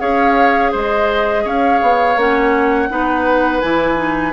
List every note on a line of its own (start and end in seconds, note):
0.00 0.74 C#4
0.00 2.17 G#4
0.00 0.72 C#5
0.00 0.73 F5
0.72 1.45 G#3
0.72 1.44 C5
0.72 1.48 D#5
1.45 1.81 C#4
1.45 2.89 C#5
1.45 2.20 F5
1.82 2.17 B3
2.17 2.89 A#3
2.17 2.90 C#4
2.17 3.61 F#5
2.90 3.63 B3
2.90 3.62 D#4
2.90 4.33 B4
3.61 4.33 E3
3.61 3.96 E4
3.61 4.33 G#5
3.96 4.32 D#4